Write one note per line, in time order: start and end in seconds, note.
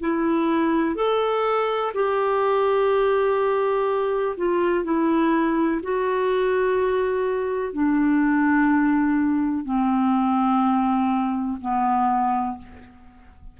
0.00 0.95 E4
0.95 1.92 A4
1.94 4.36 G4
4.37 4.84 F4
4.84 5.81 E4
5.82 7.73 F#4
7.73 9.65 D4
9.65 11.59 C4
11.61 12.58 B3